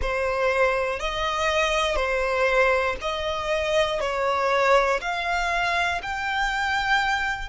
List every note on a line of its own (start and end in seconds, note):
0.01 1.00 C5
1.00 1.95 D#5
1.95 2.95 C5
3.00 4.00 D#5
4.00 5.00 C#5
5.00 6.00 F5
6.02 7.49 G5